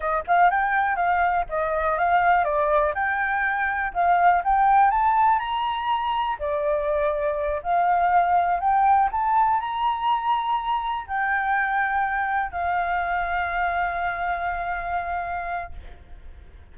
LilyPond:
\new Staff \with { instrumentName = "flute" } { \time 4/4 \tempo 4 = 122 dis''8 f''8 g''4 f''4 dis''4 | f''4 d''4 g''2 | f''4 g''4 a''4 ais''4~ | ais''4 d''2~ d''8 f''8~ |
f''4. g''4 a''4 ais''8~ | ais''2~ ais''8 g''4.~ | g''4. f''2~ f''8~ | f''1 | }